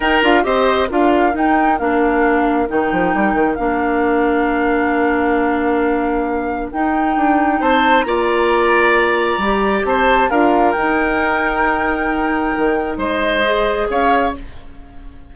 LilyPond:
<<
  \new Staff \with { instrumentName = "flute" } { \time 4/4 \tempo 4 = 134 g''8 f''8 dis''4 f''4 g''4 | f''2 g''2 | f''1~ | f''2. g''4~ |
g''4 a''4 ais''2~ | ais''2 a''4 f''4 | g''1~ | g''4 dis''2 f''4 | }
  \new Staff \with { instrumentName = "oboe" } { \time 4/4 ais'4 c''4 ais'2~ | ais'1~ | ais'1~ | ais'1~ |
ais'4 c''4 d''2~ | d''2 c''4 ais'4~ | ais'1~ | ais'4 c''2 cis''4 | }
  \new Staff \with { instrumentName = "clarinet" } { \time 4/4 dis'8 f'8 g'4 f'4 dis'4 | d'2 dis'2 | d'1~ | d'2. dis'4~ |
dis'2 f'2~ | f'4 g'2 f'4 | dis'1~ | dis'2 gis'2 | }
  \new Staff \with { instrumentName = "bassoon" } { \time 4/4 dis'8 d'8 c'4 d'4 dis'4 | ais2 dis8 f8 g8 dis8 | ais1~ | ais2. dis'4 |
d'4 c'4 ais2~ | ais4 g4 c'4 d'4 | dis'1 | dis4 gis2 cis'4 | }
>>